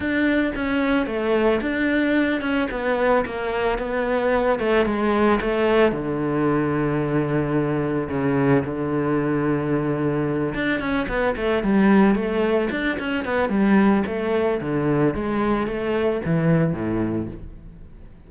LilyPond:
\new Staff \with { instrumentName = "cello" } { \time 4/4 \tempo 4 = 111 d'4 cis'4 a4 d'4~ | d'8 cis'8 b4 ais4 b4~ | b8 a8 gis4 a4 d4~ | d2. cis4 |
d2.~ d8 d'8 | cis'8 b8 a8 g4 a4 d'8 | cis'8 b8 g4 a4 d4 | gis4 a4 e4 a,4 | }